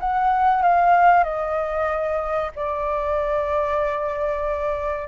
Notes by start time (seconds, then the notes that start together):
0.00 F#5
0.63 F5
1.24 D#5
2.56 D5